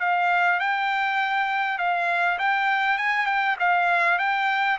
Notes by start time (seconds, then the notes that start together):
0.00 F5
0.60 G5
1.78 F5
2.39 G5
2.98 G#5
3.27 G5
3.60 F5
4.19 G5